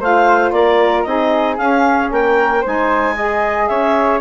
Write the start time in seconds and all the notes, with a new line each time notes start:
0.00 A3 F4 C5 F5
0.51 A#3 A#4 D5
1.03 C4 D#4 G#4 D#5
1.57 C#4 F5
2.11 A#3 A#4 G5
2.61 G#3 D#4 C5 G#5
3.15 G#4 D#5
3.67 C#4 C#5 E5